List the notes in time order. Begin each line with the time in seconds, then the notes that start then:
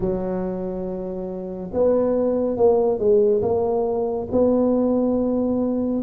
0.00 F#3
1.73 B3
2.56 A#3
2.98 G#3
3.41 A#3
4.31 B3